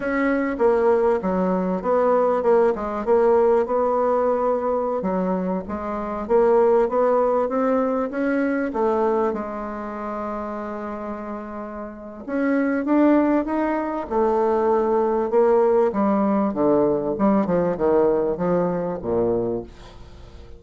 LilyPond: \new Staff \with { instrumentName = "bassoon" } { \time 4/4 \tempo 4 = 98 cis'4 ais4 fis4 b4 | ais8 gis8 ais4 b2~ | b16 fis4 gis4 ais4 b8.~ | b16 c'4 cis'4 a4 gis8.~ |
gis1 | cis'4 d'4 dis'4 a4~ | a4 ais4 g4 d4 | g8 f8 dis4 f4 ais,4 | }